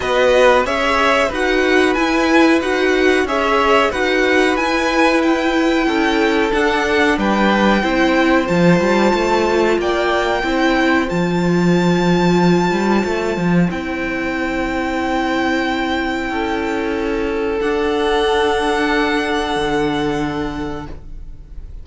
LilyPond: <<
  \new Staff \with { instrumentName = "violin" } { \time 4/4 \tempo 4 = 92 dis''4 e''4 fis''4 gis''4 | fis''4 e''4 fis''4 gis''4 | g''2 fis''4 g''4~ | g''4 a''2 g''4~ |
g''4 a''2.~ | a''4 g''2.~ | g''2. fis''4~ | fis''1 | }
  \new Staff \with { instrumentName = "violin" } { \time 4/4 b'4 cis''4 b'2~ | b'4 cis''4 b'2~ | b'4 a'2 b'4 | c''2. d''4 |
c''1~ | c''1~ | c''4 a'2.~ | a'1 | }
  \new Staff \with { instrumentName = "viola" } { \time 4/4 fis'4 gis'4 fis'4 e'4 | fis'4 gis'4 fis'4 e'4~ | e'2 d'2 | e'4 f'2. |
e'4 f'2.~ | f'4 e'2.~ | e'2. d'4~ | d'1 | }
  \new Staff \with { instrumentName = "cello" } { \time 4/4 b4 cis'4 dis'4 e'4 | dis'4 cis'4 dis'4 e'4~ | e'4 cis'4 d'4 g4 | c'4 f8 g8 a4 ais4 |
c'4 f2~ f8 g8 | a8 f8 c'2.~ | c'4 cis'2 d'4~ | d'2 d2 | }
>>